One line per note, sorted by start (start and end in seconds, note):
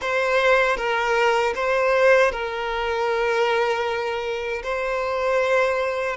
0.01 0.76 C5
0.76 1.53 A#4
1.55 2.31 C5
2.31 4.62 A#4
4.63 6.16 C5